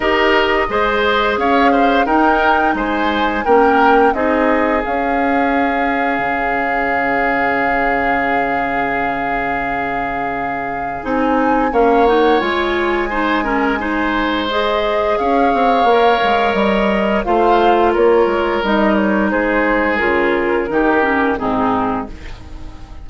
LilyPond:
<<
  \new Staff \with { instrumentName = "flute" } { \time 4/4 \tempo 4 = 87 dis''2 f''4 g''4 | gis''4 g''4 dis''4 f''4~ | f''1~ | f''1 |
gis''4 f''8 fis''8 gis''2~ | gis''4 dis''4 f''2 | dis''4 f''4 cis''4 dis''8 cis''8 | c''4 ais'2 gis'4 | }
  \new Staff \with { instrumentName = "oboe" } { \time 4/4 ais'4 c''4 cis''8 c''8 ais'4 | c''4 ais'4 gis'2~ | gis'1~ | gis'1~ |
gis'4 cis''2 c''8 ais'8 | c''2 cis''2~ | cis''4 c''4 ais'2 | gis'2 g'4 dis'4 | }
  \new Staff \with { instrumentName = "clarinet" } { \time 4/4 g'4 gis'2 dis'4~ | dis'4 cis'4 dis'4 cis'4~ | cis'1~ | cis'1 |
dis'4 cis'8 dis'8 f'4 dis'8 cis'8 | dis'4 gis'2 ais'4~ | ais'4 f'2 dis'4~ | dis'4 f'4 dis'8 cis'8 c'4 | }
  \new Staff \with { instrumentName = "bassoon" } { \time 4/4 dis'4 gis4 cis'4 dis'4 | gis4 ais4 c'4 cis'4~ | cis'4 cis2.~ | cis1 |
c'4 ais4 gis2~ | gis2 cis'8 c'8 ais8 gis8 | g4 a4 ais8 gis8 g4 | gis4 cis4 dis4 gis,4 | }
>>